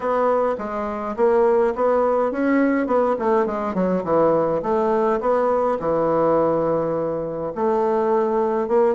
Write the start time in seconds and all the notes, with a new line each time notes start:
0.00 B3
0.57 G#3
1.16 A#3
1.75 B3
2.31 C#4
2.86 B3
3.18 A3
3.46 G#3
3.74 F#3
4.04 E3
4.62 A3
5.20 B3
5.79 E3
7.55 A3
8.67 A#3